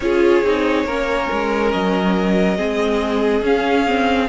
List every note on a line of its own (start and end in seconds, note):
0.00 0.42 C#4
0.00 0.44 F4
0.00 0.86 G#4
0.00 1.69 C#5
0.43 0.84 C4
0.43 0.87 D#4
0.84 1.27 A#3
0.84 2.56 C#4
0.84 2.57 A#4
1.31 1.73 G#3
1.72 2.59 F#3
1.72 3.43 D#5
2.56 3.41 G#3
2.56 3.42 C4
2.56 4.28 G#4
3.41 4.27 C#4
3.41 3.86 C#4
3.41 4.29 F5
3.87 4.29 C4